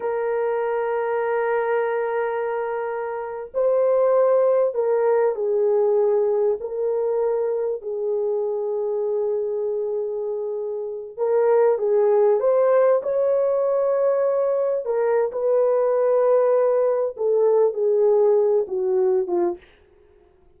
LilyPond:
\new Staff \with { instrumentName = "horn" } { \time 4/4 \tempo 4 = 98 ais'1~ | ais'4.~ ais'16 c''2 ais'16~ | ais'8. gis'2 ais'4~ ais'16~ | ais'8. gis'2.~ gis'16~ |
gis'2~ gis'16 ais'4 gis'8.~ | gis'16 c''4 cis''2~ cis''8.~ | cis''16 ais'8. b'2. | a'4 gis'4. fis'4 f'8 | }